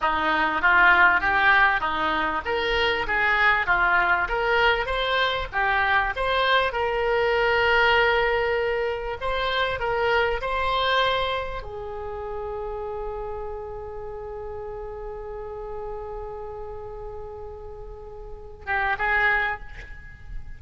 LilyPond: \new Staff \with { instrumentName = "oboe" } { \time 4/4 \tempo 4 = 98 dis'4 f'4 g'4 dis'4 | ais'4 gis'4 f'4 ais'4 | c''4 g'4 c''4 ais'4~ | ais'2. c''4 |
ais'4 c''2 gis'4~ | gis'1~ | gis'1~ | gis'2~ gis'8 g'8 gis'4 | }